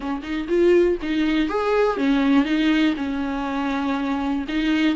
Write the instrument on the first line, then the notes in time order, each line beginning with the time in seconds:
viola
0.00 C#4
0.22 D#4
0.48 F4
1.01 D#4
1.49 G#4
1.97 C#4
2.45 D#4
2.96 C#4
4.48 D#4